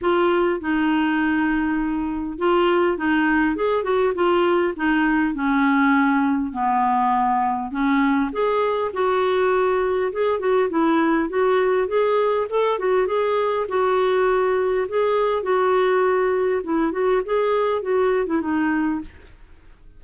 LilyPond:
\new Staff \with { instrumentName = "clarinet" } { \time 4/4 \tempo 4 = 101 f'4 dis'2. | f'4 dis'4 gis'8 fis'8 f'4 | dis'4 cis'2 b4~ | b4 cis'4 gis'4 fis'4~ |
fis'4 gis'8 fis'8 e'4 fis'4 | gis'4 a'8 fis'8 gis'4 fis'4~ | fis'4 gis'4 fis'2 | e'8 fis'8 gis'4 fis'8. e'16 dis'4 | }